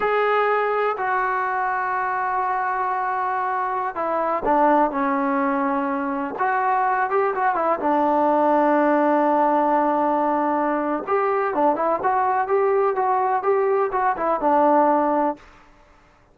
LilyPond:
\new Staff \with { instrumentName = "trombone" } { \time 4/4 \tempo 4 = 125 gis'2 fis'2~ | fis'1~ | fis'16 e'4 d'4 cis'4.~ cis'16~ | cis'4~ cis'16 fis'4. g'8 fis'8 e'16~ |
e'16 d'2.~ d'8.~ | d'2. g'4 | d'8 e'8 fis'4 g'4 fis'4 | g'4 fis'8 e'8 d'2 | }